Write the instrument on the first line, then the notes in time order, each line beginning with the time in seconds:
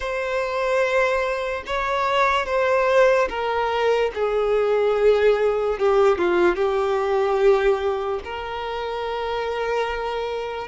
violin
0.00 C5
1.66 C#5
2.46 C5
3.29 A#4
4.14 G#4
5.78 G4
6.18 F4
6.55 G4
8.24 A#4